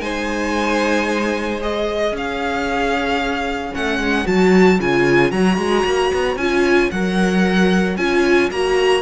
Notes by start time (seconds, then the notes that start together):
0.00 G#3 D#4 C5 G#5
1.61 G#4 D#5
2.11 C#4 C#5
2.17 F5
3.72 A3 C#4 F#5
3.98 G#3
4.24 F#3 F#4 A5
4.79 C#3 F4 G#5
5.31 F#3 F#4 A#5
5.57 G#3
5.84 A#3
6.14 B3
6.36 C#4 F4 G#5
6.91 F#3 A#4 F#5
7.97 C#4 F4 G#5
8.51 A#3 F#4 A#5